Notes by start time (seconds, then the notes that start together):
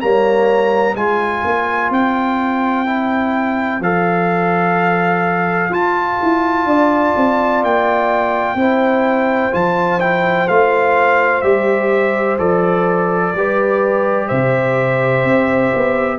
0.00 G3 A#3 C#5 A#5
0.95 G#3 F4 C5 G#5
1.44 A#3
1.89 C4 G5
2.86 E4
3.80 F3 A4 F5
5.69 F4 A5
6.22 E4
6.65 D4 D5
7.16 C4
7.63 A#3 G5
8.54 C4 E4 C5
9.51 F3 F4 A5
10.00 E4 G5
10.47 A3 F4 F5
11.41 G3 G4 E5
12.38 F3 A4 D5
13.34 G3 G4 B4
14.27 C3 C5 E5
15.24 C4
15.74 B3